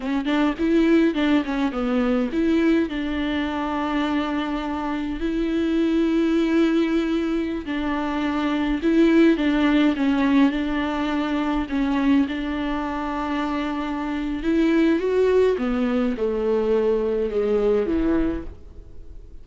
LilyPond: \new Staff \with { instrumentName = "viola" } { \time 4/4 \tempo 4 = 104 cis'8 d'8 e'4 d'8 cis'8 b4 | e'4 d'2.~ | d'4 e'2.~ | e'4~ e'16 d'2 e'8.~ |
e'16 d'4 cis'4 d'4.~ d'16~ | d'16 cis'4 d'2~ d'8.~ | d'4 e'4 fis'4 b4 | a2 gis4 e4 | }